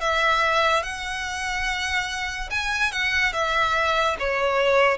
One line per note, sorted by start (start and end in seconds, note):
0.00 0.83 E5
0.83 2.50 F#5
2.50 2.92 G#5
2.92 3.33 F#5
3.33 4.16 E5
4.19 4.97 C#5